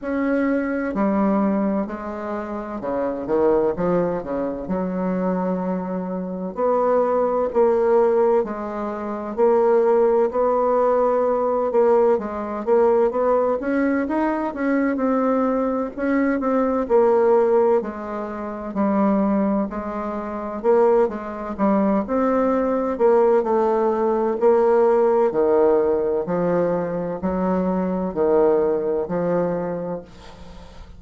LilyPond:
\new Staff \with { instrumentName = "bassoon" } { \time 4/4 \tempo 4 = 64 cis'4 g4 gis4 cis8 dis8 | f8 cis8 fis2 b4 | ais4 gis4 ais4 b4~ | b8 ais8 gis8 ais8 b8 cis'8 dis'8 cis'8 |
c'4 cis'8 c'8 ais4 gis4 | g4 gis4 ais8 gis8 g8 c'8~ | c'8 ais8 a4 ais4 dis4 | f4 fis4 dis4 f4 | }